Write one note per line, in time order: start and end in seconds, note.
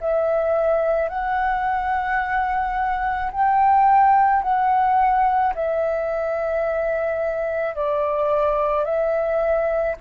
0.00 1.09 E5
1.09 3.31 F#5
3.31 4.42 G5
4.42 5.54 F#5
5.55 7.75 E5
7.75 8.84 D5
8.84 9.95 E5